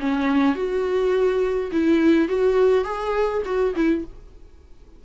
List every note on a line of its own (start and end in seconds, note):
0.00 0.56 C#4
0.56 1.71 F#4
1.72 2.29 E4
2.29 2.85 F#4
2.85 3.43 G#4
3.46 3.74 F#4
3.76 4.05 E4